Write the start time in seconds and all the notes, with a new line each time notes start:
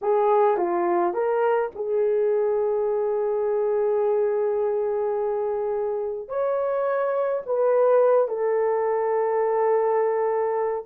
0.01 G#4
0.57 F4
1.13 A#4
1.75 G#4
6.28 C#5
7.46 B4
8.28 A4